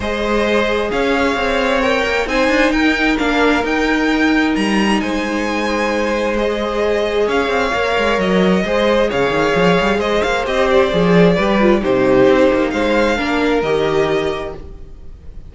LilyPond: <<
  \new Staff \with { instrumentName = "violin" } { \time 4/4 \tempo 4 = 132 dis''2 f''2 | g''4 gis''4 g''4 f''4 | g''2 ais''4 gis''4~ | gis''2 dis''2 |
f''2 dis''2 | f''2 dis''8 f''8 dis''8 d''8~ | d''2 c''2 | f''2 dis''2 | }
  \new Staff \with { instrumentName = "violin" } { \time 4/4 c''2 cis''2~ | cis''4 c''4 ais'2~ | ais'2. c''4~ | c''1 |
cis''2. c''4 | cis''2 c''2~ | c''4 b'4 g'2 | c''4 ais'2. | }
  \new Staff \with { instrumentName = "viola" } { \time 4/4 gis'1 | ais'4 dis'2 d'4 | dis'1~ | dis'2 gis'2~ |
gis'4 ais'2 gis'4~ | gis'2. g'4 | gis'4 g'8 f'8 dis'2~ | dis'4 d'4 g'2 | }
  \new Staff \with { instrumentName = "cello" } { \time 4/4 gis2 cis'4 c'4~ | c'8 ais8 c'8 d'8 dis'4 ais4 | dis'2 g4 gis4~ | gis1 |
cis'8 c'8 ais8 gis8 fis4 gis4 | cis8 dis8 f8 g8 gis8 ais8 c'4 | f4 g4 c4 c'8 ais8 | gis4 ais4 dis2 | }
>>